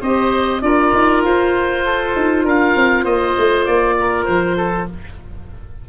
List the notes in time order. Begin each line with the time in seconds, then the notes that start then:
0.00 C4 G4 C5 D#5
0.61 D4 F4 A#4 D5
0.93 D#4
1.24 F4 C5
1.85 A4
2.15 D#4
2.44 D4 A#4 F5
2.75 C4
3.03 A#3 C5 D#5
3.38 A3
3.65 A#3 D5
4.00 A#4
4.25 F3 C5
4.56 A4